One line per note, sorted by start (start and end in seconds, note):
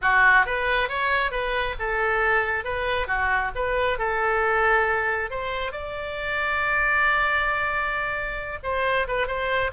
0.01 0.46 F#4
0.46 0.88 B4
0.88 1.31 C#5
1.31 1.75 B4
1.79 2.64 A4
2.64 3.07 B4
3.07 3.51 F#4
3.55 3.98 B4
3.98 5.30 A4
5.30 5.72 C5
5.72 8.58 D5
8.63 9.07 C5
9.07 9.27 B4
9.27 9.71 C5